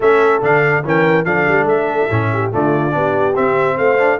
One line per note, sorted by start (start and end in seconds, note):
0.00 0.40 A3
0.00 0.41 C#4
0.00 0.84 A4
0.00 0.43 E5
0.41 0.83 D3
0.41 0.83 D4
0.41 0.85 F5
0.84 1.25 E3
0.84 1.25 C#4
0.84 1.25 A#4
0.84 1.24 G5
1.24 1.46 F3
1.24 2.09 D4
1.24 2.30 A4
1.24 1.66 F5
1.47 1.64 G3
1.64 2.06 A3
1.64 2.51 E5
2.10 2.52 A2
2.10 2.51 C#4
2.32 2.53 G4
2.51 2.94 D3
2.51 2.90 A3
2.51 2.95 F4
2.51 3.35 D5
2.90 3.36 B3
2.90 3.32 D4
2.90 3.76 G4
3.35 3.97 C4
3.35 3.77 C4
3.35 3.77 E5
3.76 4.19 A3
3.76 4.18 C5
3.76 4.19 F5
3.98 4.19 D4